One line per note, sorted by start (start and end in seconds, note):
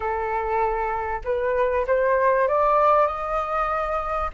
0.00 1.21 A4
1.24 1.86 B4
1.86 2.47 C5
2.47 3.06 D5
3.06 4.30 D#5